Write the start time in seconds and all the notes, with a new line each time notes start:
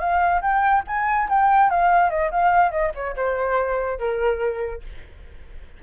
0.00 F5
0.42 G5
0.87 G#5
1.30 G5
1.71 F5
2.11 D#5
2.32 F5
2.72 D#5
2.95 C#5
3.17 C5
3.99 A#4